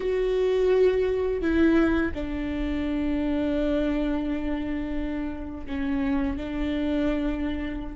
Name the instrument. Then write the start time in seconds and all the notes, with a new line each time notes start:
viola
0.00 F#4
1.41 E4
2.14 D4
5.66 C#4
6.37 D4